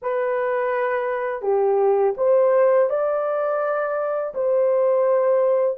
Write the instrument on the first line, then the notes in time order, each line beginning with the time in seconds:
horn
0.02 B4
1.42 G4
2.17 C5
2.89 D5
4.34 C5